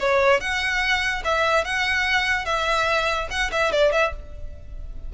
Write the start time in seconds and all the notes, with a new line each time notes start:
0.00 C#5
0.41 F#5
1.25 E5
1.65 F#5
2.46 E5
3.31 F#5
3.52 E5
3.73 D5
3.93 E5